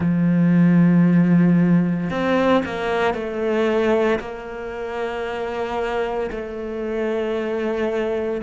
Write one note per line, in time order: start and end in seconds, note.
0.00 2.10 F3
2.10 2.63 C4
2.65 3.13 A#3
3.13 4.19 A3
4.19 6.30 A#3
6.30 8.41 A3